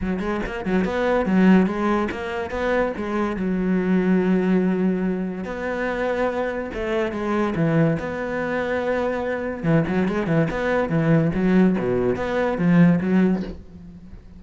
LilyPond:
\new Staff \with { instrumentName = "cello" } { \time 4/4 \tempo 4 = 143 fis8 gis8 ais8 fis8 b4 fis4 | gis4 ais4 b4 gis4 | fis1~ | fis4 b2. |
a4 gis4 e4 b4~ | b2. e8 fis8 | gis8 e8 b4 e4 fis4 | b,4 b4 f4 fis4 | }